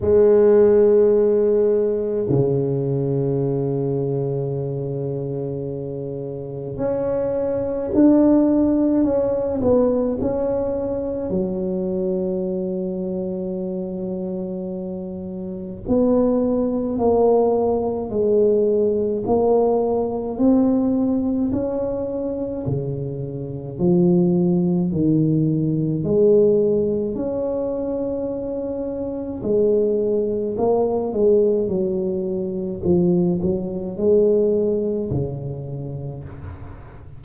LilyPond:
\new Staff \with { instrumentName = "tuba" } { \time 4/4 \tempo 4 = 53 gis2 cis2~ | cis2 cis'4 d'4 | cis'8 b8 cis'4 fis2~ | fis2 b4 ais4 |
gis4 ais4 c'4 cis'4 | cis4 f4 dis4 gis4 | cis'2 gis4 ais8 gis8 | fis4 f8 fis8 gis4 cis4 | }